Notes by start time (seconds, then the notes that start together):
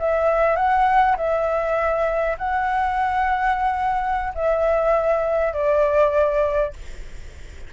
0.00 E5
0.56 F#5
1.17 E5
2.38 F#5
4.35 E5
5.53 D5